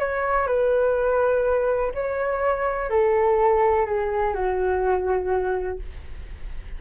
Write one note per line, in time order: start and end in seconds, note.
0.00 0.48 C#5
0.48 1.93 B4
1.94 2.90 C#5
2.90 3.86 A4
3.86 4.35 G#4
4.35 5.80 F#4